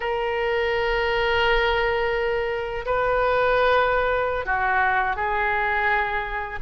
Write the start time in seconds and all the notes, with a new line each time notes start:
0.00 A#4
2.85 B4
4.45 F#4
5.16 G#4